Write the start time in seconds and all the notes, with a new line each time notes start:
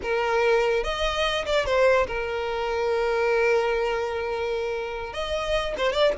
0.02 A#4
0.83 D#5
1.45 D5
1.65 C5
2.07 A#4
5.13 D#5
5.77 C5
5.92 D5